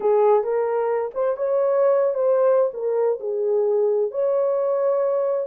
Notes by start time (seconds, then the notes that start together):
0.00 G#4
0.43 A#4
1.14 C5
1.36 C#5
2.14 C5
2.73 A#4
3.20 G#4
4.11 C#5